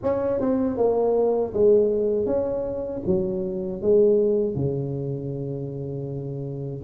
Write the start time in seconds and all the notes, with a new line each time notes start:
0.02 C#4
0.40 C4
0.77 A#3
1.53 G#3
2.25 C#4
3.06 F#3
3.81 G#3
4.55 C#3